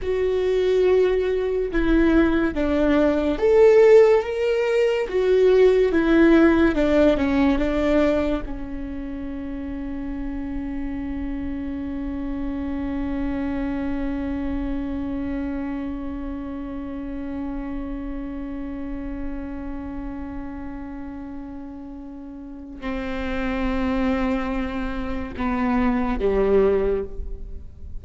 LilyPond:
\new Staff \with { instrumentName = "viola" } { \time 4/4 \tempo 4 = 71 fis'2 e'4 d'4 | a'4 ais'4 fis'4 e'4 | d'8 cis'8 d'4 cis'2~ | cis'1~ |
cis'1~ | cis'1~ | cis'2. c'4~ | c'2 b4 g4 | }